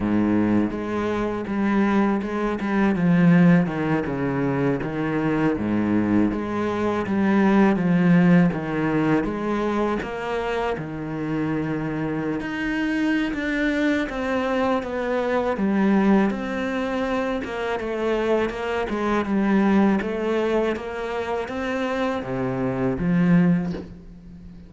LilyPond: \new Staff \with { instrumentName = "cello" } { \time 4/4 \tempo 4 = 81 gis,4 gis4 g4 gis8 g8 | f4 dis8 cis4 dis4 gis,8~ | gis,8 gis4 g4 f4 dis8~ | dis8 gis4 ais4 dis4.~ |
dis8. dis'4~ dis'16 d'4 c'4 | b4 g4 c'4. ais8 | a4 ais8 gis8 g4 a4 | ais4 c'4 c4 f4 | }